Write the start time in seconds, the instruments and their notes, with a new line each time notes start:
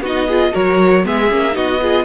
0.00 cello B3, viola D#4, violin F#4 D#5
0.27 viola F4, violin G#4
0.52 cello F#3, viola F#4, violin A#4 C#5
1.03 cello G#3, viola B3, violin G#4 E5
1.30 cello A#3, viola C#4
1.51 cello B3, viola D#4, violin F#4 D#5
1.81 viola F4, violin G#4